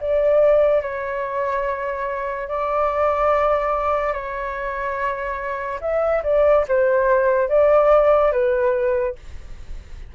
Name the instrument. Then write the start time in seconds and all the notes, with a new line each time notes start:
flute
0.00 D5
0.81 C#5
2.48 D5
4.12 C#5
5.80 E5
6.23 D5
6.68 C5
7.48 D5
8.31 B4